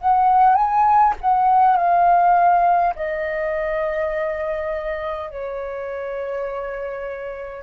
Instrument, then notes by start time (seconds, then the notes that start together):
flute
0.00 F#5
0.55 G#5
1.21 F#5
1.76 F5
2.96 D#5
5.30 C#5